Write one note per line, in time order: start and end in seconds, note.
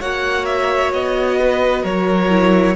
0.00 0.93 A#3
0.00 2.30 F#4
0.00 1.38 C#5
0.00 0.46 F#5
0.46 0.92 E5
0.93 1.84 B3
0.93 1.85 D#5
1.40 1.83 B4
1.83 2.76 F#3
1.83 2.75 A#4
1.83 2.76 C#5
2.30 2.76 E4